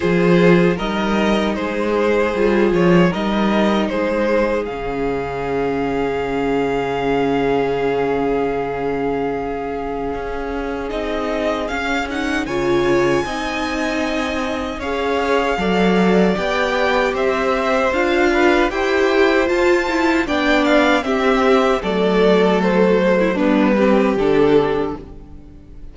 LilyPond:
<<
  \new Staff \with { instrumentName = "violin" } { \time 4/4 \tempo 4 = 77 c''4 dis''4 c''4. cis''8 | dis''4 c''4 f''2~ | f''1~ | f''2 dis''4 f''8 fis''8 |
gis''2. f''4~ | f''4 g''4 e''4 f''4 | g''4 a''4 g''8 f''8 e''4 | d''4 c''4 b'4 a'4 | }
  \new Staff \with { instrumentName = "violin" } { \time 4/4 gis'4 ais'4 gis'2 | ais'4 gis'2.~ | gis'1~ | gis'1 |
cis''4 dis''2 cis''4 | d''2 c''4. b'8 | c''2 d''4 g'4 | a'4.~ a'16 e'16 d'8 g'4. | }
  \new Staff \with { instrumentName = "viola" } { \time 4/4 f'4 dis'2 f'4 | dis'2 cis'2~ | cis'1~ | cis'2 dis'4 cis'8 dis'8 |
f'4 dis'2 gis'4 | a'4 g'2 f'4 | g'4 f'8 e'8 d'4 c'4 | a2 b8 c'8 d'4 | }
  \new Staff \with { instrumentName = "cello" } { \time 4/4 f4 g4 gis4 g8 f8 | g4 gis4 cis2~ | cis1~ | cis4 cis'4 c'4 cis'4 |
cis4 c'2 cis'4 | fis4 b4 c'4 d'4 | e'4 f'4 b4 c'4 | fis2 g4 d4 | }
>>